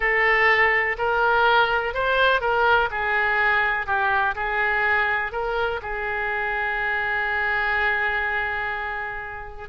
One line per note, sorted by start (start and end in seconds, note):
0.00 0.96 A4
0.97 1.94 A#4
1.94 2.41 C5
2.41 2.89 A#4
2.91 3.86 G#4
3.86 4.34 G4
4.35 5.31 G#4
5.31 5.80 A#4
5.82 9.69 G#4